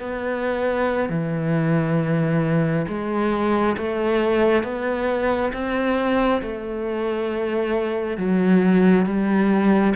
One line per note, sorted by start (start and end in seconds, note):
0.00 1.09 B3
1.09 2.86 E3
2.88 3.77 G#3
3.77 4.64 A3
4.64 5.52 B3
5.53 6.41 C4
6.42 8.18 A3
8.18 9.06 F#3
9.06 9.94 G3